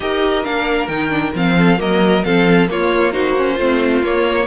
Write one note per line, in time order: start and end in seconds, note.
0.00 0.44 D#4
0.00 0.44 G4
0.00 1.57 A#4
0.00 0.44 D#5
0.44 0.88 A#3
0.44 0.89 D4
0.44 0.87 F5
0.87 1.32 D#3
0.87 1.09 D#4
0.87 1.32 G5
1.09 1.32 D4
1.34 1.79 F3
1.34 1.77 C4
1.34 1.80 F5
1.57 1.79 A4
1.77 2.24 F#3
1.77 2.22 A#3
1.77 2.25 A#4
1.77 2.24 D#5
2.24 2.70 F3
2.24 2.68 C4
2.24 2.70 A4
2.24 2.68 F5
2.68 3.12 A#3
2.68 3.59 A#3
2.68 3.13 F4
2.68 3.12 C#5
3.12 3.35 D#4
3.12 3.55 F#4
3.12 4.01 C5
3.37 3.59 C#4
3.55 4.02 A3
3.55 4.03 C4
3.55 4.44 F4
4.02 4.46 A#3
4.02 4.46 C#5